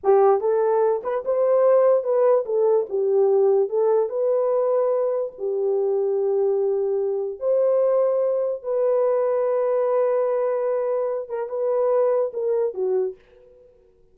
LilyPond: \new Staff \with { instrumentName = "horn" } { \time 4/4 \tempo 4 = 146 g'4 a'4. b'8 c''4~ | c''4 b'4 a'4 g'4~ | g'4 a'4 b'2~ | b'4 g'2.~ |
g'2 c''2~ | c''4 b'2.~ | b'2.~ b'8 ais'8 | b'2 ais'4 fis'4 | }